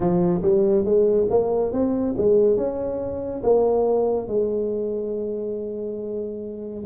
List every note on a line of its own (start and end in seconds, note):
0.00 0.41 F3
0.42 0.84 G3
0.84 1.27 G#3
1.30 1.72 A#3
1.72 2.15 C4
2.17 2.56 G#3
2.56 3.42 C#4
3.43 4.27 A#3
4.27 6.85 G#3